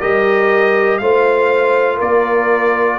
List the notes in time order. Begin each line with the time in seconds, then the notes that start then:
0.00 G3 G4 A#4 D#5
0.98 A3 F4 C5 F5
1.96 A#3 A#4 D5